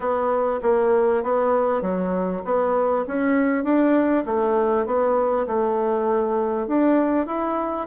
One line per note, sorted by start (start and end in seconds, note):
0.00 0.60 B3
0.62 1.23 A#3
1.23 1.81 B3
1.81 2.42 F#3
2.44 3.05 B3
3.07 3.64 C#4
3.64 4.24 D4
4.25 4.85 A3
4.85 5.46 B3
5.47 6.67 A3
6.67 7.26 D4
7.26 7.87 E4